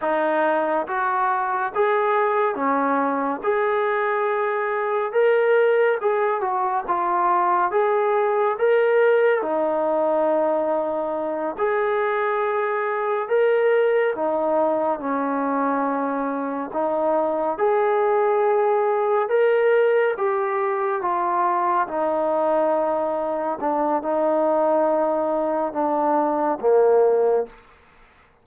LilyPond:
\new Staff \with { instrumentName = "trombone" } { \time 4/4 \tempo 4 = 70 dis'4 fis'4 gis'4 cis'4 | gis'2 ais'4 gis'8 fis'8 | f'4 gis'4 ais'4 dis'4~ | dis'4. gis'2 ais'8~ |
ais'8 dis'4 cis'2 dis'8~ | dis'8 gis'2 ais'4 g'8~ | g'8 f'4 dis'2 d'8 | dis'2 d'4 ais4 | }